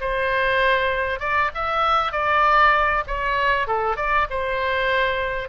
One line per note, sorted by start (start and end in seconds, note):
0.00 1.19 C5
1.19 1.50 D5
1.54 2.12 E5
2.12 3.03 D5
3.07 3.67 C#5
3.67 3.96 A4
3.96 4.27 D5
4.30 5.48 C5